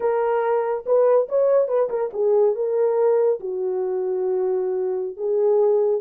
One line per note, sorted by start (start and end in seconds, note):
0.00 0.84 A#4
0.85 1.28 B4
1.28 1.68 C#5
1.68 1.89 B4
1.89 2.10 A#4
2.13 2.55 G#4
2.55 3.39 A#4
3.40 5.16 F#4
5.16 6.01 G#4